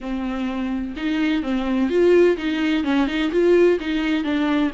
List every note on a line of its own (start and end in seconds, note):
0.00 0.95 C4
0.96 1.42 D#4
1.42 1.89 C4
1.89 2.36 F4
2.37 2.83 D#4
2.83 3.07 C#4
3.07 3.30 D#4
3.31 3.79 F4
3.80 4.24 D#4
4.24 4.71 D4